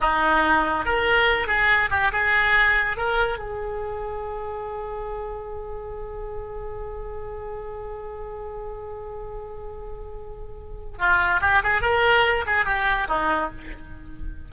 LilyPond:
\new Staff \with { instrumentName = "oboe" } { \time 4/4 \tempo 4 = 142 dis'2 ais'4. gis'8~ | gis'8 g'8 gis'2 ais'4 | gis'1~ | gis'1~ |
gis'1~ | gis'1~ | gis'2 f'4 g'8 gis'8 | ais'4. gis'8 g'4 dis'4 | }